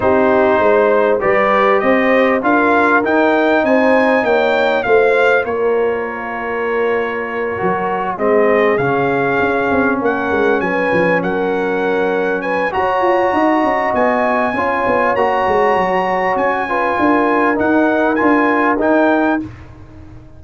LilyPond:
<<
  \new Staff \with { instrumentName = "trumpet" } { \time 4/4 \tempo 4 = 99 c''2 d''4 dis''4 | f''4 g''4 gis''4 g''4 | f''4 cis''2.~ | cis''4. dis''4 f''4.~ |
f''8 fis''4 gis''4 fis''4.~ | fis''8 gis''8 ais''2 gis''4~ | gis''4 ais''2 gis''4~ | gis''4 fis''4 gis''4 g''4 | }
  \new Staff \with { instrumentName = "horn" } { \time 4/4 g'4 c''4 b'4 c''4 | ais'2 c''4 cis''4 | c''4 ais'2.~ | ais'4. gis'2~ gis'8~ |
gis'8 ais'4 b'4 ais'4.~ | ais'8 b'8 cis''4 dis''2 | cis''2.~ cis''8 b'8 | ais'1 | }
  \new Staff \with { instrumentName = "trombone" } { \time 4/4 dis'2 g'2 | f'4 dis'2. | f'1~ | f'8 fis'4 c'4 cis'4.~ |
cis'1~ | cis'4 fis'2. | f'4 fis'2~ fis'8 f'8~ | f'4 dis'4 f'4 dis'4 | }
  \new Staff \with { instrumentName = "tuba" } { \time 4/4 c'4 gis4 g4 c'4 | d'4 dis'4 c'4 ais4 | a4 ais2.~ | ais8 fis4 gis4 cis4 cis'8 |
c'8 ais8 gis8 fis8 f8 fis4.~ | fis4 fis'8 f'8 dis'8 cis'8 b4 | cis'8 b8 ais8 gis8 fis4 cis'4 | d'4 dis'4 d'4 dis'4 | }
>>